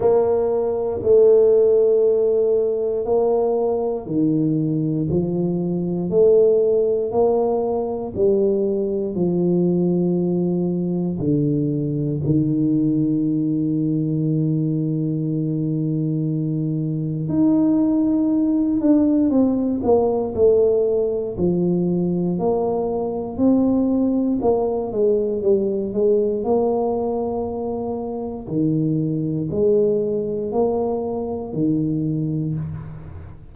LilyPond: \new Staff \with { instrumentName = "tuba" } { \time 4/4 \tempo 4 = 59 ais4 a2 ais4 | dis4 f4 a4 ais4 | g4 f2 d4 | dis1~ |
dis4 dis'4. d'8 c'8 ais8 | a4 f4 ais4 c'4 | ais8 gis8 g8 gis8 ais2 | dis4 gis4 ais4 dis4 | }